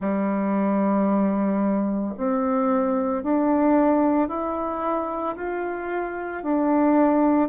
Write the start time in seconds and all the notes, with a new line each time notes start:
0.00 G3
2.17 C4
3.23 D4
4.28 E4
5.36 F4
6.43 D4